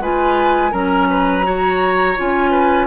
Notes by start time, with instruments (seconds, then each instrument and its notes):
0.00 bassoon G#3, clarinet F4, oboe B4, flute G#5
0.71 bassoon F#3, clarinet C#4, oboe A#4, flute A#5
1.10 oboe B4
1.43 clarinet F#4, oboe C#5
2.17 bassoon C#4, clarinet F4, flute G#5
2.51 oboe B4